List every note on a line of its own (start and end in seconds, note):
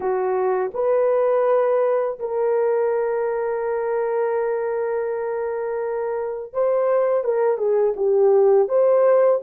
0.00 0.71 F#4
0.74 2.18 B4
2.19 6.53 A#4
6.53 7.24 C5
7.24 7.57 A#4
7.57 7.94 G#4
7.96 8.68 G4
8.68 9.40 C5